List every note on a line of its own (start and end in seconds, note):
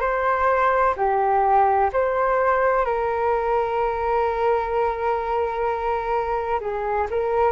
0.00 0.94 C5
0.96 1.90 G4
1.92 2.85 C5
2.85 6.60 A#4
6.60 7.07 G#4
7.10 7.51 A#4